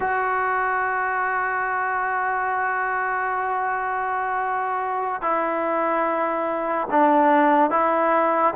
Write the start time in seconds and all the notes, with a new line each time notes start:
0.00 F#4
5.21 E4
6.90 D4
7.70 E4